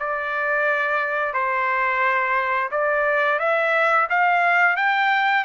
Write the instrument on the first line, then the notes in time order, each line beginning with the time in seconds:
trumpet
0.00 D5
1.34 C5
2.71 D5
3.40 E5
4.10 F5
4.77 G5